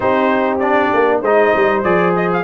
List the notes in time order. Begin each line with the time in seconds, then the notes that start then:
0.00 C4 D#4 G4 C5
0.59 D4 D5
0.93 A#3
1.20 G#3 D#4 C5 D#5
1.55 G3
1.83 F3 G#4 D5
2.16 D#5
2.33 F5